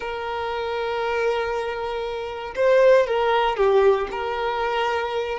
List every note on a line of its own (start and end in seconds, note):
0.00 2.54 A#4
2.55 3.06 C5
3.06 3.56 A#4
3.56 4.08 G4
4.11 5.38 A#4